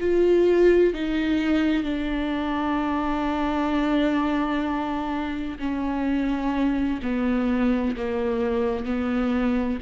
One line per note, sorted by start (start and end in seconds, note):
0.00 0.93 F4
0.93 1.83 D#4
1.83 5.58 D4
5.59 6.99 C#4
7.02 7.96 B3
7.96 8.85 A#3
8.85 9.78 B3